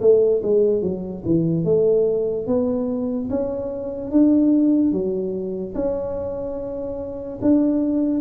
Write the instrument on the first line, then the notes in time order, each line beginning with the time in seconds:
tuba
0.00 A3
0.43 G#3
0.82 F#3
1.25 E3
1.64 A3
2.47 B3
3.30 C#4
4.11 D4
4.92 F#3
5.74 C#4
7.42 D4